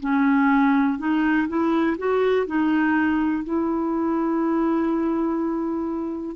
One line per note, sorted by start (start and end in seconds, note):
0.00 0.98 C#4
0.98 1.48 D#4
1.48 1.97 E4
1.98 2.46 F#4
2.46 3.44 D#4
3.44 6.36 E4